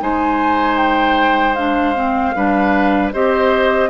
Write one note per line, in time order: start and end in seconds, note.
0.00 2.35 G#3
0.00 1.56 D#4
0.00 2.36 C5
0.00 0.77 G#5
0.77 1.55 G5
1.55 1.95 D4
1.55 3.10 F5
1.95 2.34 C4
2.35 3.13 G3
2.35 3.13 D4
2.35 3.13 B4
3.12 3.90 C4
3.12 3.90 G4
3.12 3.90 C5
3.12 3.90 D#5